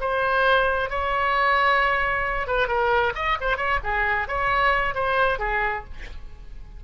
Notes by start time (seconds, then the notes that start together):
0.00 C5
0.89 C#5
2.47 B4
2.68 A#4
3.15 D#5
3.40 C5
3.57 C#5
3.83 G#4
4.27 C#5
4.94 C5
5.38 G#4